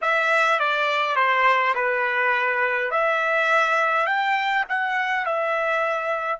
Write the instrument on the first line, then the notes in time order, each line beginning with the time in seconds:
trumpet
0.01 E5
0.59 D5
1.15 C5
1.74 B4
2.90 E5
4.06 G5
4.68 F#5
5.25 E5